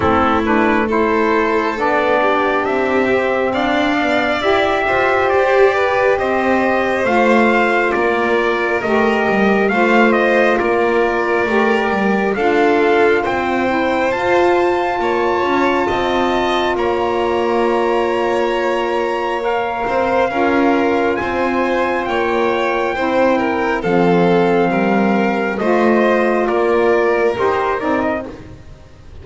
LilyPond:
<<
  \new Staff \with { instrumentName = "trumpet" } { \time 4/4 \tempo 4 = 68 a'8 b'8 c''4 d''4 e''4 | f''4 e''4 d''4 dis''4 | f''4 d''4 dis''4 f''8 dis''8 | d''2 f''4 g''4 |
a''2. ais''4~ | ais''2 f''2 | gis''4 g''2 f''4~ | f''4 dis''4 d''4 c''8 d''16 dis''16 | }
  \new Staff \with { instrumentName = "violin" } { \time 4/4 e'4 a'4. g'4. | d''4. c''4 b'8 c''4~ | c''4 ais'2 c''4 | ais'2 a'4 c''4~ |
c''4 cis''4 dis''4 cis''4~ | cis''2~ cis''8 c''8 ais'4 | c''4 cis''4 c''8 ais'8 a'4 | ais'4 c''4 ais'2 | }
  \new Staff \with { instrumentName = "saxophone" } { \time 4/4 c'8 d'8 e'4 d'4. c'8~ | c'8 b8 g'2. | f'2 g'4 f'4~ | f'4 g'4 f'4. e'8 |
f'1~ | f'2 ais'4 f'4~ | f'2 e'4 c'4~ | c'4 f'2 g'8 dis'8 | }
  \new Staff \with { instrumentName = "double bass" } { \time 4/4 a2 b4 c'4 | d'4 e'8 f'8 g'4 c'4 | a4 ais4 a8 g8 a4 | ais4 a8 g8 d'4 c'4 |
f'4 ais8 cis'8 c'4 ais4~ | ais2~ ais8 c'8 cis'4 | c'4 ais4 c'4 f4 | g4 a4 ais4 dis'8 c'8 | }
>>